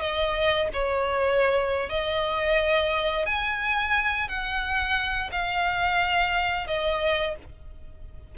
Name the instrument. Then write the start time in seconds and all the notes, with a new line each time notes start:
violin
0.00 D#5
0.73 C#5
1.89 D#5
3.25 G#5
4.28 F#5
5.31 F5
6.67 D#5